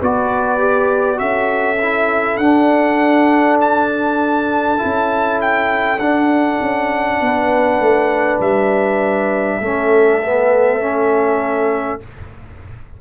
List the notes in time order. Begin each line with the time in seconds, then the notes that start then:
0.00 B3 F#4 B4 D5
0.58 G4
1.16 C#4 F#4 A4 E5
1.81 E4
2.37 D4 F#5
3.60 A5
4.78 E4
4.84 C#4
5.41 G5
5.99 D4 F#5
6.60 C#4
7.20 B3 B4
7.79 A3
8.39 G3 E5
9.60 A3 C#4 A4
10.22 B3
10.80 C#4